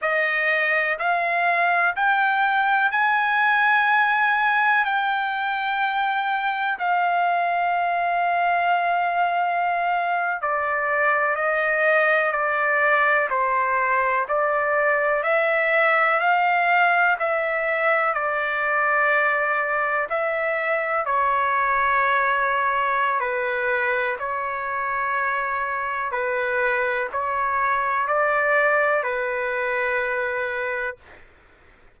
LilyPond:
\new Staff \with { instrumentName = "trumpet" } { \time 4/4 \tempo 4 = 62 dis''4 f''4 g''4 gis''4~ | gis''4 g''2 f''4~ | f''2~ f''8. d''4 dis''16~ | dis''8. d''4 c''4 d''4 e''16~ |
e''8. f''4 e''4 d''4~ d''16~ | d''8. e''4 cis''2~ cis''16 | b'4 cis''2 b'4 | cis''4 d''4 b'2 | }